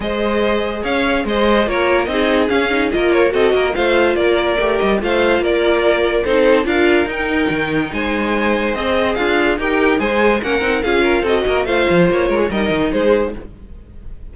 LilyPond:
<<
  \new Staff \with { instrumentName = "violin" } { \time 4/4 \tempo 4 = 144 dis''2 f''4 dis''4 | cis''4 dis''4 f''4 dis''8 cis''8 | dis''4 f''4 d''4. dis''8 | f''4 d''2 c''4 |
f''4 g''2 gis''4~ | gis''4 dis''4 f''4 g''4 | gis''4 fis''4 f''4 dis''4 | f''4 cis''4 dis''4 c''4 | }
  \new Staff \with { instrumentName = "violin" } { \time 4/4 c''2 cis''4 c''4 | ais'4 gis'2 ais'4 | a'8 ais'8 c''4 ais'2 | c''4 ais'2 a'4 |
ais'2. c''4~ | c''2 f'4 ais'4 | c''4 ais'4 gis'8 ais'8 a'8 ais'8 | c''4. ais'16 gis'16 ais'4 gis'4 | }
  \new Staff \with { instrumentName = "viola" } { \time 4/4 gis'1 | f'4 dis'4 cis'8 dis'8 f'4 | fis'4 f'2 g'4 | f'2. dis'4 |
f'4 dis'2.~ | dis'4 gis'2 g'4 | gis'4 cis'8 dis'8 f'4 fis'4 | f'2 dis'2 | }
  \new Staff \with { instrumentName = "cello" } { \time 4/4 gis2 cis'4 gis4 | ais4 c'4 cis'4 ais4 | c'8 ais8 a4 ais4 a8 g8 | a4 ais2 c'4 |
d'4 dis'4 dis4 gis4~ | gis4 c'4 d'4 dis'4 | gis4 ais8 c'8 cis'4 c'8 ais8 | a8 f8 ais8 gis8 g8 dis8 gis4 | }
>>